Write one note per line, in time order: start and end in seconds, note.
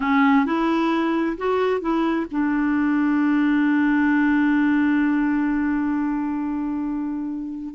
0.00 0.45 C#4
0.45 1.36 E4
1.37 1.80 F#4
1.80 2.26 E4
2.31 7.74 D4